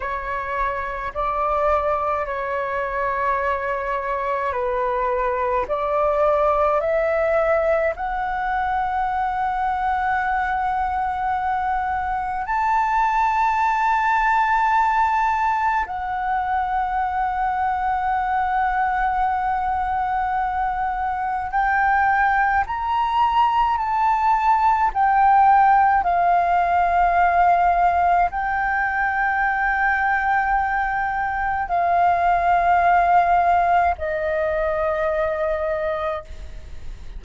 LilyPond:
\new Staff \with { instrumentName = "flute" } { \time 4/4 \tempo 4 = 53 cis''4 d''4 cis''2 | b'4 d''4 e''4 fis''4~ | fis''2. a''4~ | a''2 fis''2~ |
fis''2. g''4 | ais''4 a''4 g''4 f''4~ | f''4 g''2. | f''2 dis''2 | }